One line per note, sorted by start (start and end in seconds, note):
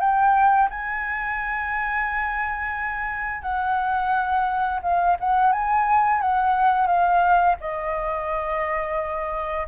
0.00 0.69 G5
0.70 3.42 G#5
3.42 4.80 F#5
4.82 5.17 F5
5.20 5.52 F#5
5.52 6.21 G#5
6.21 6.87 F#5
6.87 7.56 F5
7.61 9.67 D#5